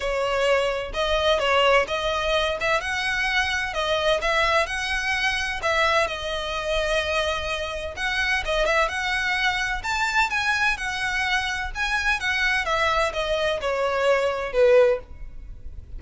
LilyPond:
\new Staff \with { instrumentName = "violin" } { \time 4/4 \tempo 4 = 128 cis''2 dis''4 cis''4 | dis''4. e''8 fis''2 | dis''4 e''4 fis''2 | e''4 dis''2.~ |
dis''4 fis''4 dis''8 e''8 fis''4~ | fis''4 a''4 gis''4 fis''4~ | fis''4 gis''4 fis''4 e''4 | dis''4 cis''2 b'4 | }